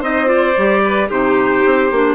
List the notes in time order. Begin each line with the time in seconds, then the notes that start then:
0.00 C4 D#4 C5 D#5
0.25 F4 D5
0.57 G3 G4
0.85 B4
1.08 C3 D#4 G4 C5
1.65 C4
1.91 A#3 D4